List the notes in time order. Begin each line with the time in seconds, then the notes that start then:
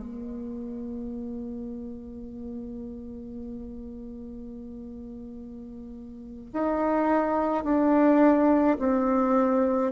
0.00 A#3
6.53 D#4
7.64 D4
8.79 C4